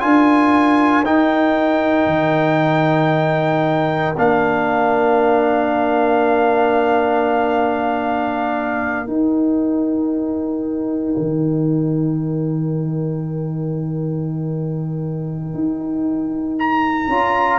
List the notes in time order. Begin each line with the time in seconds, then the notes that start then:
0.00 D4 F4 A#4 G#5
1.05 D#4 G5
2.06 D#3
4.17 A#3 D4 F5
9.06 D#4 G5
11.17 D#3
15.54 D#4
16.59 A#5
17.07 C#4 F4